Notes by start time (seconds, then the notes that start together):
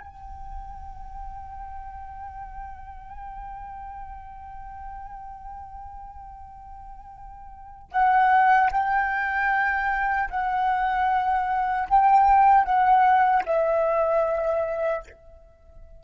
0.00 G5
7.92 F#5
8.72 G5
10.30 F#5
11.89 G5
12.64 F#5
13.46 E5